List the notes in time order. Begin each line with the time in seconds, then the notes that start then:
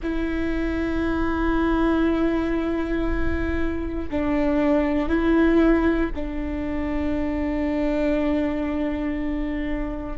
0.02 E4
4.10 D4
5.08 E4
6.15 D4